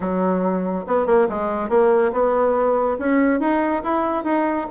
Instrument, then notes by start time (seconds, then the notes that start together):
bassoon
0.00 F#3
0.86 B3
1.06 A#3
1.29 G#3
1.69 A#3
2.12 B3
2.98 C#4
3.40 D#4
3.83 E4
4.24 D#4